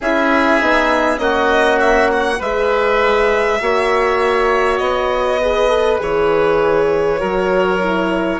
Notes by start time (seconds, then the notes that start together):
0.01 C#4 E4 G#4 E5
0.60 B3 D#4
1.17 A#3 C#4 F#4 D#5
1.80 E5
2.11 F#5
2.38 G#3 G#4 B4 E5
3.60 A#3 F#4 C#5
4.78 B3 D#5
5.41 G#4 B4
5.69 A4
5.98 E3 G#4 C#5
7.18 F#3 F#4 A#4
7.79 E4